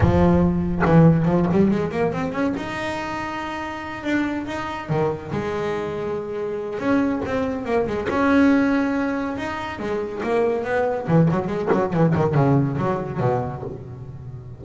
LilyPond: \new Staff \with { instrumentName = "double bass" } { \time 4/4 \tempo 4 = 141 f2 e4 f8 g8 | gis8 ais8 c'8 cis'8 dis'2~ | dis'4. d'4 dis'4 dis8~ | dis8 gis2.~ gis8 |
cis'4 c'4 ais8 gis8 cis'4~ | cis'2 dis'4 gis4 | ais4 b4 e8 fis8 gis8 fis8 | e8 dis8 cis4 fis4 b,4 | }